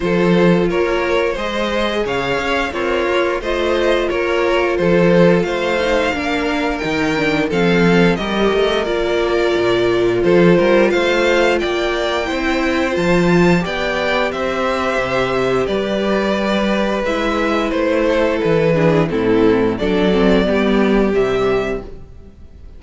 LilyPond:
<<
  \new Staff \with { instrumentName = "violin" } { \time 4/4 \tempo 4 = 88 c''4 cis''4 dis''4 f''4 | cis''4 dis''4 cis''4 c''4 | f''2 g''4 f''4 | dis''4 d''2 c''4 |
f''4 g''2 a''4 | g''4 e''2 d''4~ | d''4 e''4 c''4 b'4 | a'4 d''2 e''4 | }
  \new Staff \with { instrumentName = "violin" } { \time 4/4 a'4 ais'4 c''4 cis''4 | f'4 c''4 ais'4 a'4 | c''4 ais'2 a'4 | ais'2. a'8 ais'8 |
c''4 d''4 c''2 | d''4 c''2 b'4~ | b'2~ b'8 a'4 gis'8 | e'4 a'4 g'2 | }
  \new Staff \with { instrumentName = "viola" } { \time 4/4 f'2 gis'2 | ais'4 f'2.~ | f'8 dis'8 d'4 dis'8 d'8 c'4 | g'4 f'2.~ |
f'2 e'4 f'4 | g'1~ | g'4 e'2~ e'8 d'8 | c'4 d'8 c'8 b4 g4 | }
  \new Staff \with { instrumentName = "cello" } { \time 4/4 f4 ais4 gis4 cis8 cis'8 | c'8 ais8 a4 ais4 f4 | a4 ais4 dis4 f4 | g8 a8 ais4 ais,4 f8 g8 |
a4 ais4 c'4 f4 | b4 c'4 c4 g4~ | g4 gis4 a4 e4 | a,4 fis4 g4 c4 | }
>>